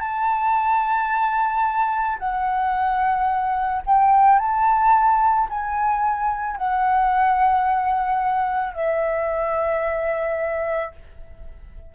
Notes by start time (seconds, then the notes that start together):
0.00 A5
2.19 F#5
3.86 G5
4.39 A5
5.49 G#5
6.57 F#5
8.74 E5